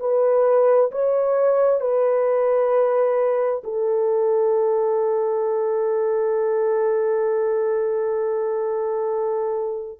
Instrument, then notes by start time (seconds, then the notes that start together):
horn
0.00 B4
0.91 C#5
1.81 B4
3.64 A4